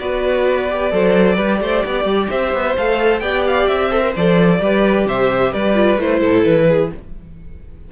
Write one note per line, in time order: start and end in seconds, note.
0.00 0.92 B3
0.00 0.70 F#4
0.00 0.93 B4
0.00 2.30 D5
0.70 0.92 G4
0.92 1.38 F#3
0.92 1.37 A4
0.92 1.36 C5
1.36 1.61 G3
1.36 2.75 G4
1.36 1.59 B4
1.61 1.84 A3
1.61 1.85 C5
1.85 2.05 B3
1.85 2.30 D5
2.05 2.28 G3
2.30 2.53 C4
2.30 3.22 C5
2.30 2.76 E5
2.53 2.76 B3
2.77 3.21 A3
2.77 3.22 A4
2.77 3.20 F5
3.20 3.67 B3
3.20 3.91 G4
3.20 3.90 D5
3.20 3.43 G5
3.47 3.68 F5
3.68 4.14 C4
3.68 4.14 E5
3.90 4.02 A4
3.90 4.59 C5
4.02 4.13 A#4
4.16 4.60 F3
4.16 4.60 A4
4.16 5.08 D5
4.60 5.06 G3
4.60 5.75 G4
4.60 5.08 B4
5.06 5.52 C3
5.06 5.52 C5
5.06 5.53 E5
5.52 5.98 G3
5.52 6.20 B4
5.52 5.99 D5
5.75 5.98 F4
5.98 6.21 A3
5.98 6.92 E4
5.98 6.44 C5
6.20 6.45 A2
6.20 6.66 A4
6.44 6.91 E3
6.44 6.90 B4
6.69 6.92 G#4